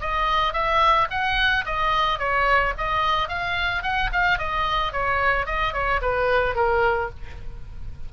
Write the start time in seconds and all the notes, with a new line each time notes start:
0.00 D#5
0.53 E5
1.10 F#5
1.65 D#5
2.18 C#5
2.77 D#5
3.28 F5
3.83 F#5
4.12 F5
4.38 D#5
4.92 C#5
5.46 D#5
5.73 C#5
6.01 B4
6.55 A#4